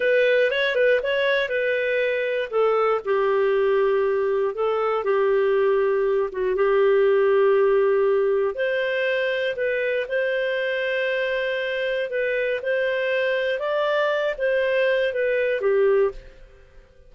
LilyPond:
\new Staff \with { instrumentName = "clarinet" } { \time 4/4 \tempo 4 = 119 b'4 cis''8 b'8 cis''4 b'4~ | b'4 a'4 g'2~ | g'4 a'4 g'2~ | g'8 fis'8 g'2.~ |
g'4 c''2 b'4 | c''1 | b'4 c''2 d''4~ | d''8 c''4. b'4 g'4 | }